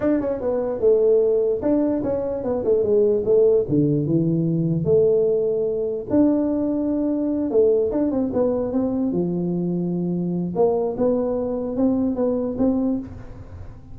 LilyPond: \new Staff \with { instrumentName = "tuba" } { \time 4/4 \tempo 4 = 148 d'8 cis'8 b4 a2 | d'4 cis'4 b8 a8 gis4 | a4 d4 e2 | a2. d'4~ |
d'2~ d'8 a4 d'8 | c'8 b4 c'4 f4.~ | f2 ais4 b4~ | b4 c'4 b4 c'4 | }